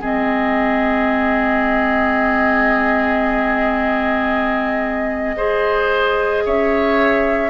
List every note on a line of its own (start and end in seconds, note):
0.00 6.44 G#3
0.00 5.36 C4
0.00 5.36 G#4
0.00 6.46 D#5
5.36 7.50 G#4
5.36 6.44 C5
6.46 7.50 C#4
6.46 7.50 C#5
6.46 7.50 E5